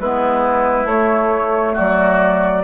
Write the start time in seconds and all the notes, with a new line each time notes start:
0.00 G#3 B3 E4 B4
0.85 A3 C#5
1.74 F#3 F#4 D5